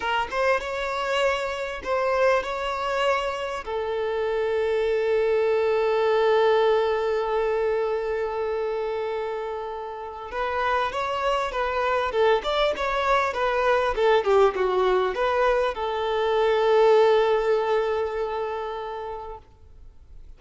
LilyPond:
\new Staff \with { instrumentName = "violin" } { \time 4/4 \tempo 4 = 99 ais'8 c''8 cis''2 c''4 | cis''2 a'2~ | a'1~ | a'1~ |
a'4 b'4 cis''4 b'4 | a'8 d''8 cis''4 b'4 a'8 g'8 | fis'4 b'4 a'2~ | a'1 | }